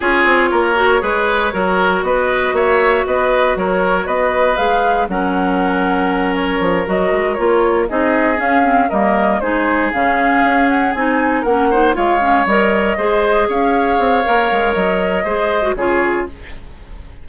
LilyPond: <<
  \new Staff \with { instrumentName = "flute" } { \time 4/4 \tempo 4 = 118 cis''1 | dis''4 e''4 dis''4 cis''4 | dis''4 f''4 fis''2~ | fis''8 cis''4 dis''4 cis''4 dis''8~ |
dis''8 f''4 dis''4 c''4 f''8~ | f''4 fis''8 gis''4 fis''4 f''8~ | f''8 dis''2 f''4.~ | f''4 dis''2 cis''4 | }
  \new Staff \with { instrumentName = "oboe" } { \time 4/4 gis'4 ais'4 b'4 ais'4 | b'4 cis''4 b'4 ais'4 | b'2 ais'2~ | ais'2.~ ais'8 gis'8~ |
gis'4. ais'4 gis'4.~ | gis'2~ gis'8 ais'8 c''8 cis''8~ | cis''4. c''4 cis''4.~ | cis''2 c''4 gis'4 | }
  \new Staff \with { instrumentName = "clarinet" } { \time 4/4 f'4. fis'8 gis'4 fis'4~ | fis'1~ | fis'4 gis'4 cis'2~ | cis'4. fis'4 f'4 dis'8~ |
dis'8 cis'8 c'8 ais4 dis'4 cis'8~ | cis'4. dis'4 cis'8 dis'8 f'8 | cis'8 ais'4 gis'2~ gis'8 | ais'2 gis'8. fis'16 f'4 | }
  \new Staff \with { instrumentName = "bassoon" } { \time 4/4 cis'8 c'8 ais4 gis4 fis4 | b4 ais4 b4 fis4 | b4 gis4 fis2~ | fis4 f8 fis8 gis8 ais4 c'8~ |
c'8 cis'4 g4 gis4 cis8~ | cis8 cis'4 c'4 ais4 gis8~ | gis8 g4 gis4 cis'4 c'8 | ais8 gis8 fis4 gis4 cis4 | }
>>